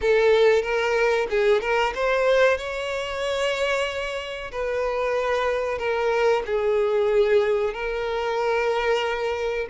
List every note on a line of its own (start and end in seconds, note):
0.01 0.62 A4
0.62 1.27 A#4
1.29 1.61 G#4
1.61 1.93 A#4
1.94 2.57 C5
2.57 4.51 C#5
4.51 5.78 B4
5.78 6.42 A#4
6.45 7.73 G#4
7.73 9.67 A#4